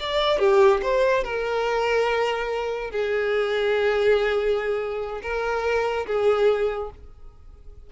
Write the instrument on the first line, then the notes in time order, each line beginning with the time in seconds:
violin
0.00 D5
0.39 G4
0.83 C5
1.24 A#4
2.91 G#4
5.22 A#4
6.06 G#4